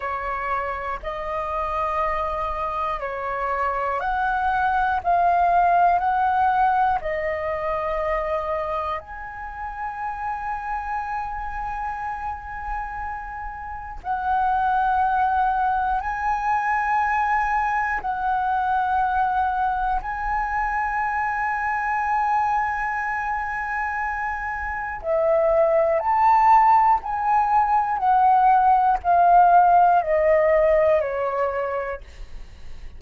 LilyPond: \new Staff \with { instrumentName = "flute" } { \time 4/4 \tempo 4 = 60 cis''4 dis''2 cis''4 | fis''4 f''4 fis''4 dis''4~ | dis''4 gis''2.~ | gis''2 fis''2 |
gis''2 fis''2 | gis''1~ | gis''4 e''4 a''4 gis''4 | fis''4 f''4 dis''4 cis''4 | }